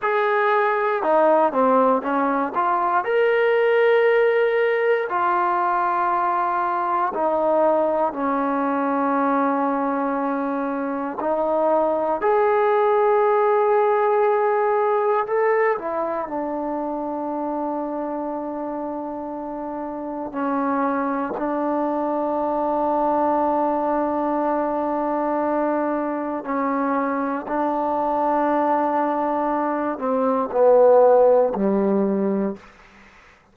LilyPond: \new Staff \with { instrumentName = "trombone" } { \time 4/4 \tempo 4 = 59 gis'4 dis'8 c'8 cis'8 f'8 ais'4~ | ais'4 f'2 dis'4 | cis'2. dis'4 | gis'2. a'8 e'8 |
d'1 | cis'4 d'2.~ | d'2 cis'4 d'4~ | d'4. c'8 b4 g4 | }